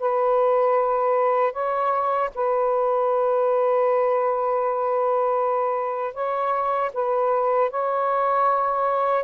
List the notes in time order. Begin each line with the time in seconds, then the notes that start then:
0.00 B4
1.53 C#5
2.35 B4
6.15 C#5
6.94 B4
7.71 C#5